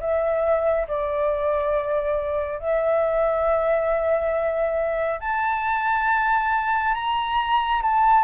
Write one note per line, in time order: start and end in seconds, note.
0.00 0.87 E5
0.88 2.59 D5
2.59 5.20 E5
5.20 6.94 A5
6.94 7.81 A#5
7.82 8.24 A5